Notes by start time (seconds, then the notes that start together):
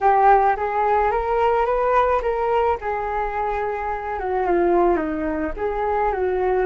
0.00 G4
0.56 G#4
1.11 A#4
1.65 B4
2.22 A#4
2.81 G#4
4.19 F#4
4.46 F4
4.96 D#4
5.56 G#4
6.12 F#4